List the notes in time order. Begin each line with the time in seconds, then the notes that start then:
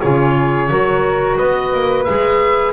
0.00 C#3 F4 G#4 C#5
0.68 F#3 F#4 A#4
1.37 B3 B4 D#5
1.73 A#3
2.04 G#3 G#4 E5